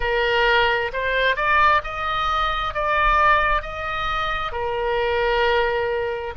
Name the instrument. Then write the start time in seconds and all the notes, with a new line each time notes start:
oboe
0.00 A#4
0.93 C5
1.36 D5
1.83 D#5
2.74 D5
3.62 D#5
4.52 A#4